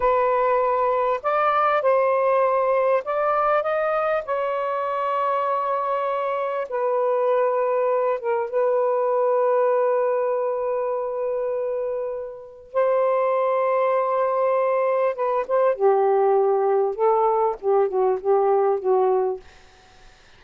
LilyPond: \new Staff \with { instrumentName = "saxophone" } { \time 4/4 \tempo 4 = 99 b'2 d''4 c''4~ | c''4 d''4 dis''4 cis''4~ | cis''2. b'4~ | b'4. ais'8 b'2~ |
b'1~ | b'4 c''2.~ | c''4 b'8 c''8 g'2 | a'4 g'8 fis'8 g'4 fis'4 | }